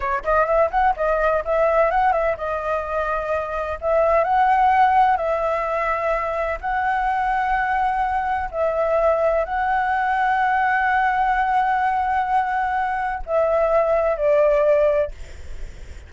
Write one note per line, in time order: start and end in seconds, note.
0.00 0.23 C#5
0.24 0.46 D#5
0.46 0.70 E5
0.70 0.94 F#5
0.96 1.43 D#5
1.44 1.90 E5
1.90 2.12 F#5
2.12 2.36 E5
2.37 3.78 D#5
3.81 4.23 E5
4.23 5.16 F#5
5.16 6.58 E5
6.60 8.49 F#5
8.51 9.44 E5
9.44 13.22 F#5
13.26 14.16 E5
14.16 15.11 D5